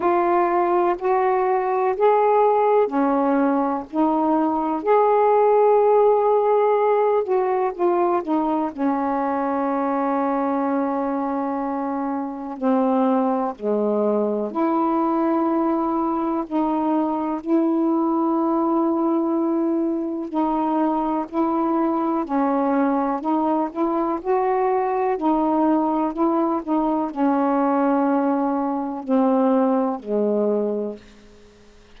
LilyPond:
\new Staff \with { instrumentName = "saxophone" } { \time 4/4 \tempo 4 = 62 f'4 fis'4 gis'4 cis'4 | dis'4 gis'2~ gis'8 fis'8 | f'8 dis'8 cis'2.~ | cis'4 c'4 gis4 e'4~ |
e'4 dis'4 e'2~ | e'4 dis'4 e'4 cis'4 | dis'8 e'8 fis'4 dis'4 e'8 dis'8 | cis'2 c'4 gis4 | }